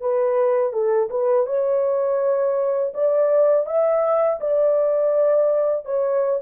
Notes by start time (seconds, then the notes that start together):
0.00 B4
0.73 A4
1.09 B4
1.46 C#5
2.94 D5
3.66 E5
4.40 D5
5.85 C#5